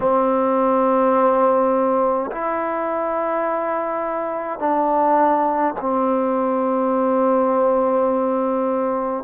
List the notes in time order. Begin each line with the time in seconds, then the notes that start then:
0.00 C4
2.31 E4
4.58 D4
5.80 C4